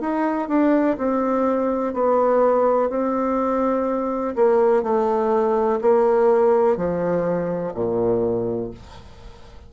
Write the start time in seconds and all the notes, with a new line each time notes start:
0.00 D#4
0.48 D4
0.97 C4
1.94 B3
2.89 C4
4.35 A#3
4.83 A3
5.81 A#3
6.77 F3
7.74 A#2